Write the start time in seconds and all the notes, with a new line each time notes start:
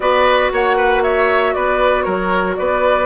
0.00 B3 F#4 B4 D5
0.52 A#3 C#5 F#5
0.76 B4
1.02 C#5 E5
1.54 B3 B4 D5
2.02 F#3 A#4 C#5
2.56 B3 B4 D5